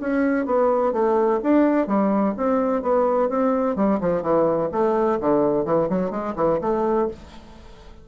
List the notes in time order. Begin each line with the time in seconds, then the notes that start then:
0.00 C#4
0.46 B3
0.92 A3
1.43 D4
1.87 G3
2.37 C4
2.82 B3
3.29 C4
3.75 G3
4.00 F3
4.22 E3
4.72 A3
5.20 D3
5.65 E3
5.89 F#3
6.10 G#3
6.35 E3
6.61 A3